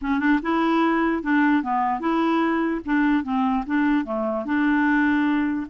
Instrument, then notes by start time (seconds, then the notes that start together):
clarinet
0.01 C#4
0.19 D4
0.42 E4
1.22 D4
1.63 B3
2.00 E4
2.85 D4
3.23 C4
3.66 D4
4.04 A3
4.45 D4